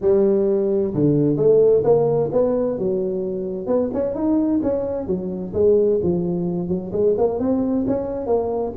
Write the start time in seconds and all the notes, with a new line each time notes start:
0.01 G3
0.94 D3
1.36 A3
1.84 A#3
2.32 B3
2.78 F#3
3.67 B3
3.93 C#4
4.14 D#4
4.62 C#4
5.06 F#3
5.53 G#3
6.02 F3
6.68 F#3
6.92 G#3
7.17 A#3
7.39 C4
7.87 C#4
8.26 A#3